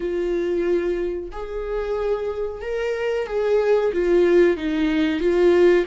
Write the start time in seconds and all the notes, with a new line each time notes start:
0.00 F4
1.32 G#4
2.61 A#4
3.26 G#4
3.92 F4
4.57 D#4
5.20 F4